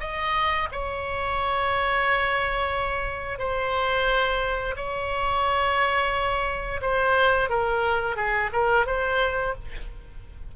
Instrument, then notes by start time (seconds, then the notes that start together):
oboe
0.00 D#5
0.72 C#5
3.38 C5
4.76 C#5
6.81 C5
7.49 A#4
8.16 G#4
8.53 A#4
8.86 C5